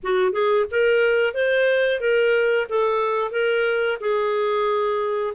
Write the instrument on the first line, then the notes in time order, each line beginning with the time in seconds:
clarinet
0.03 F#4
0.32 G#4
0.70 A#4
1.34 C5
2.00 A#4
2.69 A4
3.31 A#4
4.00 G#4